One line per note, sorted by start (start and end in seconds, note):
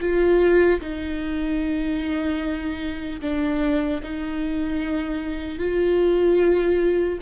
0.00 0.80 F4
0.81 3.21 D#4
3.21 4.01 D4
4.03 5.59 D#4
5.59 7.19 F4